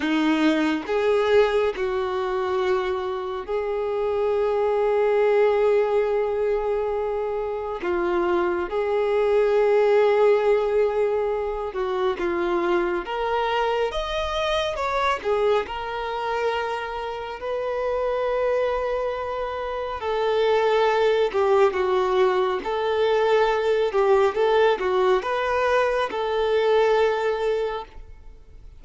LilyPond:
\new Staff \with { instrumentName = "violin" } { \time 4/4 \tempo 4 = 69 dis'4 gis'4 fis'2 | gis'1~ | gis'4 f'4 gis'2~ | gis'4. fis'8 f'4 ais'4 |
dis''4 cis''8 gis'8 ais'2 | b'2. a'4~ | a'8 g'8 fis'4 a'4. g'8 | a'8 fis'8 b'4 a'2 | }